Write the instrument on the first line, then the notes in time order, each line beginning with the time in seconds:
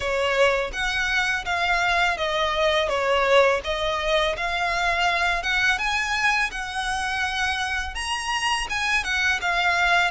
violin
0.00 C#5
0.72 F#5
1.45 F5
2.17 D#5
2.88 C#5
3.63 D#5
4.37 F5
5.42 F#5
5.78 G#5
6.51 F#5
7.95 A#5
8.69 G#5
9.04 F#5
9.41 F5